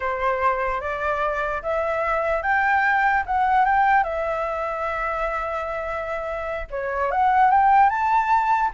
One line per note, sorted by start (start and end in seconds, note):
0.00 0.80 C5
0.80 1.61 D5
1.62 2.42 E5
2.42 3.23 G5
3.25 3.65 F#5
3.65 4.03 G5
4.03 6.67 E5
6.70 7.11 C#5
7.11 7.50 F#5
7.50 7.89 G5
7.89 8.70 A5